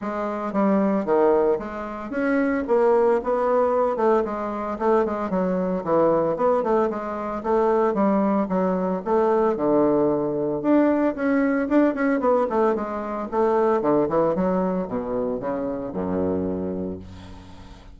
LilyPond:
\new Staff \with { instrumentName = "bassoon" } { \time 4/4 \tempo 4 = 113 gis4 g4 dis4 gis4 | cis'4 ais4 b4. a8 | gis4 a8 gis8 fis4 e4 | b8 a8 gis4 a4 g4 |
fis4 a4 d2 | d'4 cis'4 d'8 cis'8 b8 a8 | gis4 a4 d8 e8 fis4 | b,4 cis4 fis,2 | }